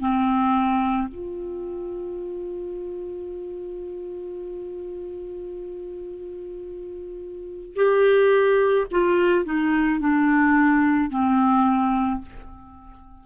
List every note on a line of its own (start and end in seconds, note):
0.00 1.08 C4
1.08 7.75 F4
7.76 8.87 G4
8.91 9.45 F4
9.45 10.01 D#4
10.01 11.11 D4
11.11 12.22 C4